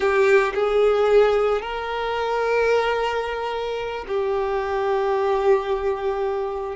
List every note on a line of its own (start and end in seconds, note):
0.00 0.53 G4
0.54 1.61 G#4
1.61 4.05 A#4
4.07 6.76 G4